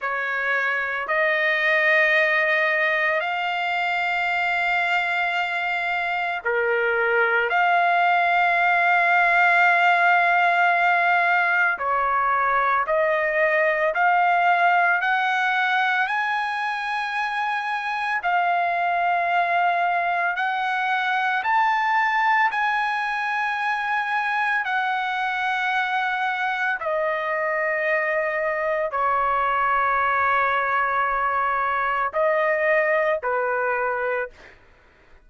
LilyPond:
\new Staff \with { instrumentName = "trumpet" } { \time 4/4 \tempo 4 = 56 cis''4 dis''2 f''4~ | f''2 ais'4 f''4~ | f''2. cis''4 | dis''4 f''4 fis''4 gis''4~ |
gis''4 f''2 fis''4 | a''4 gis''2 fis''4~ | fis''4 dis''2 cis''4~ | cis''2 dis''4 b'4 | }